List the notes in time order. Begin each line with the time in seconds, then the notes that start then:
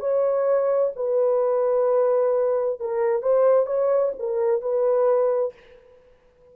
0.00 C#5
0.96 B4
2.80 A#4
3.23 C5
3.67 C#5
4.19 A#4
4.62 B4